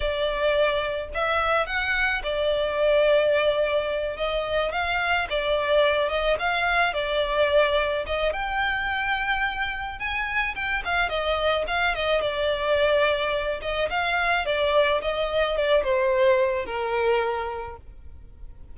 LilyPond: \new Staff \with { instrumentName = "violin" } { \time 4/4 \tempo 4 = 108 d''2 e''4 fis''4 | d''2.~ d''8 dis''8~ | dis''8 f''4 d''4. dis''8 f''8~ | f''8 d''2 dis''8 g''4~ |
g''2 gis''4 g''8 f''8 | dis''4 f''8 dis''8 d''2~ | d''8 dis''8 f''4 d''4 dis''4 | d''8 c''4. ais'2 | }